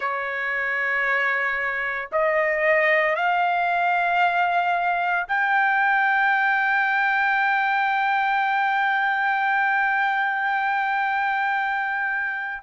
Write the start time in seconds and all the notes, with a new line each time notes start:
0.00 C#5
2.11 D#5
3.15 F5
5.28 G5